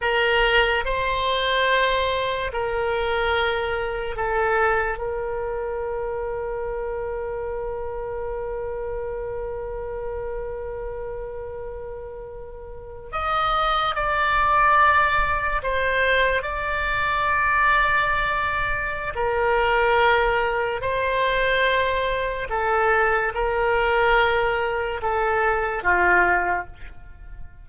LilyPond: \new Staff \with { instrumentName = "oboe" } { \time 4/4 \tempo 4 = 72 ais'4 c''2 ais'4~ | ais'4 a'4 ais'2~ | ais'1~ | ais'2.~ ais'8. dis''16~ |
dis''8. d''2 c''4 d''16~ | d''2. ais'4~ | ais'4 c''2 a'4 | ais'2 a'4 f'4 | }